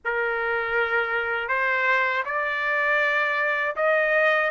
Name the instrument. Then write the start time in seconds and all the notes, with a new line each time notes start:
trumpet
0.04 A#4
1.48 C5
2.25 D5
3.76 D#5